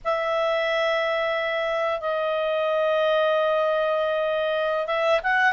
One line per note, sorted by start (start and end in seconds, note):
0.04 2.00 E5
2.00 4.86 D#5
4.86 5.20 E5
5.23 5.53 F#5